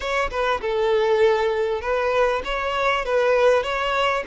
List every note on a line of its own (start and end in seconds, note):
0.00 0.30 C#5
0.30 0.60 B4
0.61 1.81 A4
1.81 2.41 B4
2.44 3.05 C#5
3.05 3.63 B4
3.63 4.23 C#5